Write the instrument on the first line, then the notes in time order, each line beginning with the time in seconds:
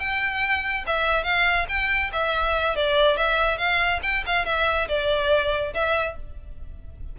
violin
0.00 G5
0.87 E5
1.24 F5
1.69 G5
2.13 E5
2.76 D5
3.18 E5
3.58 F5
4.03 G5
4.27 F5
4.46 E5
4.89 D5
5.74 E5